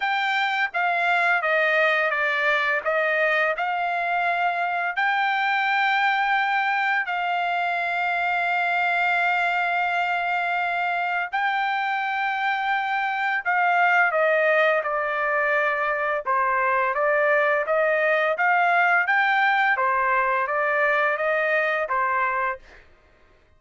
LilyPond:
\new Staff \with { instrumentName = "trumpet" } { \time 4/4 \tempo 4 = 85 g''4 f''4 dis''4 d''4 | dis''4 f''2 g''4~ | g''2 f''2~ | f''1 |
g''2. f''4 | dis''4 d''2 c''4 | d''4 dis''4 f''4 g''4 | c''4 d''4 dis''4 c''4 | }